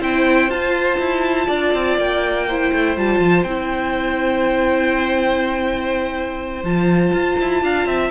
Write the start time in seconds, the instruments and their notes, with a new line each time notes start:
0.00 cello C4, viola E4, violin C5 G5
0.49 cello F4, viola F4, violin A5
0.99 cello E4
1.47 cello D4, violin D5
1.74 cello C4
1.98 cello A#3, violin G5
2.48 viola E4, violin C5
2.73 cello A3
2.97 cello G3, viola F4, violin A5
3.20 cello F3
3.44 cello C4, viola E4, violin G5
6.64 cello F3, viola F4, violin A5
7.14 cello F4
7.40 cello E4
7.63 cello D4, violin F5
7.86 cello C4, violin E5